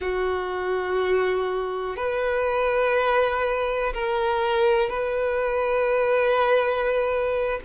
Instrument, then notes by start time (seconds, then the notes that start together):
violin
0.00 F#4
1.96 B4
3.93 A#4
4.89 B4